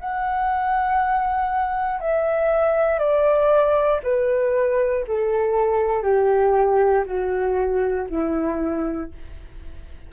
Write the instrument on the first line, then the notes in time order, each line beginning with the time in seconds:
flute
0.00 F#5
2.00 E5
2.99 D5
4.03 B4
5.07 A4
6.03 G4
7.05 F#4
8.09 E4